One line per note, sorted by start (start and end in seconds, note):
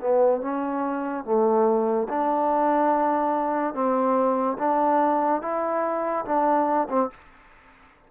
0.00 0.41 B3
0.41 1.24 C#4
1.24 2.08 A3
2.09 3.74 D4
3.74 4.57 C4
4.58 5.42 D4
5.42 6.25 E4
6.25 6.88 D4
6.89 7.10 C4